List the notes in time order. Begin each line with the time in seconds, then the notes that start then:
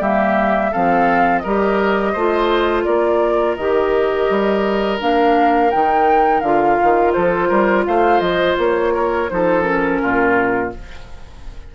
0.00 G3 A#3 G4 E5
0.72 F3 C4 A4 F5
1.39 G3 A#4 D#5
1.46 G4
2.13 A3 F4 C5
2.84 A#3 A#4 D5
3.56 D#3 G4 D#5
4.30 G3
5.00 A#3 D4 F5
5.71 D#3 D#4 G5
6.41 D3 F4 F5
6.83 D#3
7.13 F3 A4 C5
7.49 G3 A#4
7.86 A3 C5 F5
8.21 F3 D#5
8.58 A#3 C#5
8.94 A#4
9.30 F3 D#4 A4 C5
9.62 C#4 A#4
10.03 A#2 F4